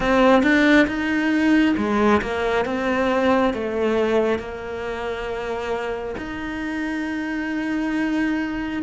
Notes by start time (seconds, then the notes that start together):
0.00 C4
0.43 D4
0.87 D#4
1.77 G#3
2.21 A#3
2.65 C4
3.53 A3
4.38 A#3
6.17 D#4